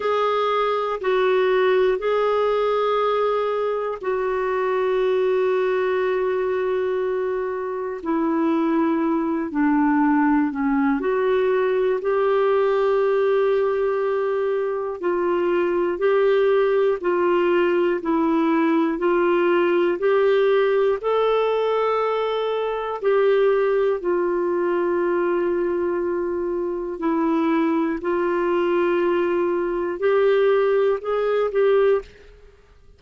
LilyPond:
\new Staff \with { instrumentName = "clarinet" } { \time 4/4 \tempo 4 = 60 gis'4 fis'4 gis'2 | fis'1 | e'4. d'4 cis'8 fis'4 | g'2. f'4 |
g'4 f'4 e'4 f'4 | g'4 a'2 g'4 | f'2. e'4 | f'2 g'4 gis'8 g'8 | }